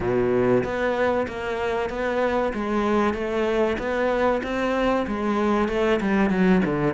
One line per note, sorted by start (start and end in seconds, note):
0.00 0.63 B2
0.63 1.27 B3
1.27 1.89 A#3
1.89 2.53 B3
2.53 3.13 G#3
3.13 3.77 A3
3.78 4.41 B3
4.43 5.06 C4
5.07 5.68 G#3
5.68 6.00 A3
6.01 6.30 G3
6.30 6.61 F#3
6.65 6.93 D3